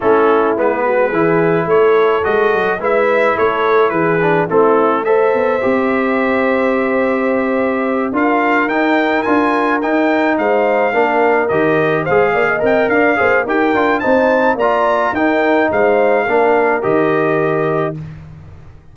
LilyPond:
<<
  \new Staff \with { instrumentName = "trumpet" } { \time 4/4 \tempo 4 = 107 a'4 b'2 cis''4 | dis''4 e''4 cis''4 b'4 | a'4 e''2.~ | e''2~ e''8 f''4 g''8~ |
g''8 gis''4 g''4 f''4.~ | f''8 dis''4 f''4 g''8 f''4 | g''4 a''4 ais''4 g''4 | f''2 dis''2 | }
  \new Staff \with { instrumentName = "horn" } { \time 4/4 e'4. fis'8 gis'4 a'4~ | a'4 b'4 a'4 gis'4 | e'4 c''2.~ | c''2~ c''8 ais'4.~ |
ais'2~ ais'8 c''4 ais'8~ | ais'4. c''8 d''16 dis''8. d''8 c''8 | ais'4 c''4 d''4 ais'4 | c''4 ais'2. | }
  \new Staff \with { instrumentName = "trombone" } { \time 4/4 cis'4 b4 e'2 | fis'4 e'2~ e'8 d'8 | c'4 a'4 g'2~ | g'2~ g'8 f'4 dis'8~ |
dis'8 f'4 dis'2 d'8~ | d'8 g'4 gis'4 ais'4 gis'8 | g'8 f'8 dis'4 f'4 dis'4~ | dis'4 d'4 g'2 | }
  \new Staff \with { instrumentName = "tuba" } { \time 4/4 a4 gis4 e4 a4 | gis8 fis8 gis4 a4 e4 | a4. b8 c'2~ | c'2~ c'8 d'4 dis'8~ |
dis'8 d'4 dis'4 gis4 ais8~ | ais8 dis4 gis8 ais8 c'8 d'8 ais8 | dis'8 d'8 c'4 ais4 dis'4 | gis4 ais4 dis2 | }
>>